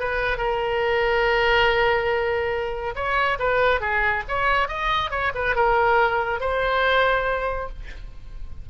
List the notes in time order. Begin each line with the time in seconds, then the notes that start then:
0.00 B4
0.38 A#4
2.96 C#5
3.39 B4
3.81 G#4
4.29 C#5
4.69 D#5
5.11 C#5
5.35 B4
5.56 A#4
6.41 C5